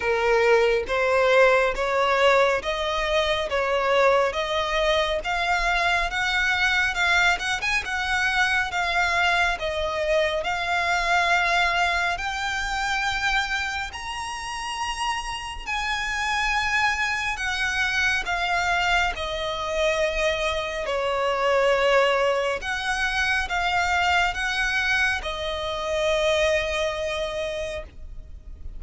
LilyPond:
\new Staff \with { instrumentName = "violin" } { \time 4/4 \tempo 4 = 69 ais'4 c''4 cis''4 dis''4 | cis''4 dis''4 f''4 fis''4 | f''8 fis''16 gis''16 fis''4 f''4 dis''4 | f''2 g''2 |
ais''2 gis''2 | fis''4 f''4 dis''2 | cis''2 fis''4 f''4 | fis''4 dis''2. | }